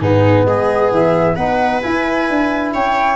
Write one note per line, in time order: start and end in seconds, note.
0.00 0.45 G#2
0.00 1.38 B3
0.00 0.47 D#4
0.00 0.45 G#4
0.45 0.91 G#3
0.45 1.36 G#4
0.45 0.92 D#5
0.91 1.37 E3
0.91 1.36 E5
1.36 1.82 B3
1.36 1.83 D#4
1.36 2.73 B4
1.36 1.81 F#5
1.82 3.17 E4
1.82 2.30 E4
1.82 2.73 G#5
2.30 2.75 D4
2.74 3.17 C#4
2.74 3.17 C#5
2.74 3.17 G5